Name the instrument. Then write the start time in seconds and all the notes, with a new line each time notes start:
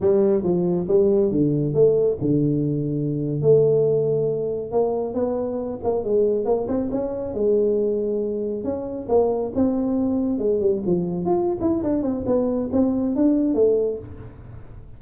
tuba
0.00 G3
0.43 F3
0.87 G3
1.31 D3
1.73 A3
2.21 D3
3.41 A3
4.71 A#3
5.14 B3
5.83 A#3
6.04 G#3
6.45 A#3
6.67 C4
6.91 C#4
7.34 G#3
8.64 C#4
9.08 A#3
9.54 C4
10.38 G#3
10.60 G3
10.86 F3
11.25 F4
11.61 E4
11.83 D4
12.02 C4
12.26 B3
12.72 C4
13.15 D4
13.54 A3